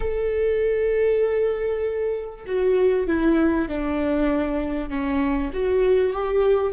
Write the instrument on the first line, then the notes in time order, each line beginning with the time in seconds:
viola
0.00 A4
2.46 F#4
3.07 E4
3.68 D4
4.89 C#4
5.53 F#4
6.13 G4